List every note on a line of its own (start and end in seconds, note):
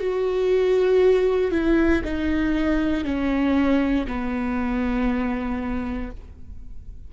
0.00 1.52 F#4
1.52 2.02 E4
2.04 3.05 D#4
3.05 4.07 C#4
4.08 6.11 B3